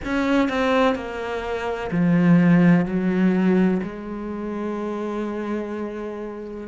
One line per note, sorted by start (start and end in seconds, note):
0.05 0.48 C#4
0.48 0.95 C4
0.95 1.90 A#3
1.91 2.85 F3
2.85 3.81 F#3
3.83 6.67 G#3